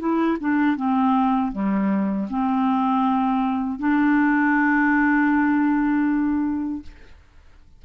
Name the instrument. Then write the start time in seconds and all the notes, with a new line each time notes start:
clarinet
0.00 E4
0.40 D4
0.77 C4
1.53 G3
2.30 C4
3.79 D4